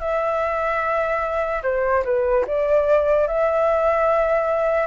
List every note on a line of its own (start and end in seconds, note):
0.00 1.62 E5
1.63 2.03 C5
2.05 2.45 B4
2.47 3.28 D5
3.28 4.87 E5